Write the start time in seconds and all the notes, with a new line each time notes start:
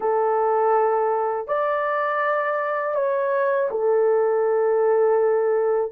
0.00 A4
1.47 D5
2.95 C#5
3.70 A4